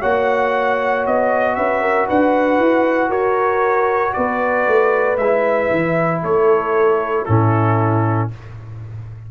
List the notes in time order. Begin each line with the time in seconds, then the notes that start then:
0.00 A#3 F#4 C#5 F#5
1.06 B3 D#5
1.55 C#4 B4 E5
1.82 A#4
2.07 D4 B4 F#5
2.58 E4
3.09 F#4 A#4 C#5
4.13 B3 B4 D5
4.67 A3
5.17 G#3 E4 E5
5.71 E3
6.23 A3 A4 C#5
7.25 A2 C#4 E4 A4